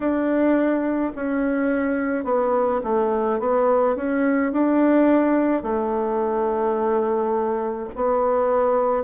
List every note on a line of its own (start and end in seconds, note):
0.00 1.12 D4
1.15 2.24 C#4
2.24 2.80 B3
2.83 3.40 A3
3.40 3.96 B3
3.96 4.52 C#4
4.52 5.62 D4
5.62 7.89 A3
7.95 9.03 B3